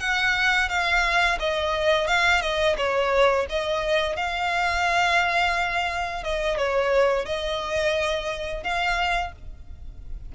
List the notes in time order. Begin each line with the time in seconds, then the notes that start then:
0.00 F#5
0.69 F5
1.39 D#5
2.08 F5
2.41 D#5
2.77 C#5
3.50 D#5
4.16 F5
6.24 D#5
6.57 C#5
7.25 D#5
8.63 F5